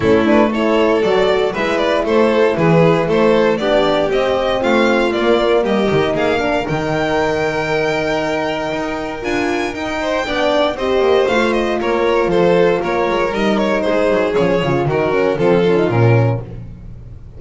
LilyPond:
<<
  \new Staff \with { instrumentName = "violin" } { \time 4/4 \tempo 4 = 117 a'8 b'8 cis''4 d''4 e''8 d''8 | c''4 b'4 c''4 d''4 | dis''4 f''4 d''4 dis''4 | f''4 g''2.~ |
g''2 gis''4 g''4~ | g''4 dis''4 f''8 dis''8 cis''4 | c''4 cis''4 dis''8 cis''8 c''4 | cis''4 ais'4 a'4 ais'4 | }
  \new Staff \with { instrumentName = "violin" } { \time 4/4 e'4 a'2 b'4 | a'4 gis'4 a'4 g'4~ | g'4 f'2 g'4 | gis'8 ais'2.~ ais'8~ |
ais'2.~ ais'8 c''8 | d''4 c''2 ais'4 | a'4 ais'2 gis'4~ | gis'4 fis'4 f'2 | }
  \new Staff \with { instrumentName = "horn" } { \time 4/4 cis'8 d'8 e'4 fis'4 e'4~ | e'2. d'4 | c'2 ais4. dis'8~ | dis'8 d'8 dis'2.~ |
dis'2 f'4 dis'4 | d'4 g'4 f'2~ | f'2 dis'2 | cis'8 f'8 dis'8 cis'8 c'8 cis'16 dis'16 cis'4 | }
  \new Staff \with { instrumentName = "double bass" } { \time 4/4 a2 fis4 gis4 | a4 e4 a4 b4 | c'4 a4 ais4 g8 dis8 | ais4 dis2.~ |
dis4 dis'4 d'4 dis'4 | b4 c'8 ais8 a4 ais4 | f4 ais8 gis8 g4 gis8 fis8 | f8 cis8 dis4 f4 ais,4 | }
>>